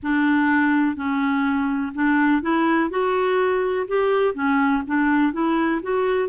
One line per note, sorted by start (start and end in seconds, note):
0.02 0.95 D4
0.95 1.92 C#4
1.94 2.41 D4
2.41 2.89 E4
2.89 3.86 F#4
3.87 4.34 G4
4.34 4.83 C#4
4.87 5.32 D4
5.32 5.81 E4
5.82 6.28 F#4